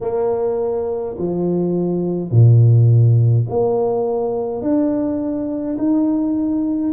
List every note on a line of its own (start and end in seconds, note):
0.01 1.16 A#3
1.17 2.31 F3
2.31 3.46 A#2
3.49 4.61 A#3
4.61 5.76 D4
5.77 6.93 D#4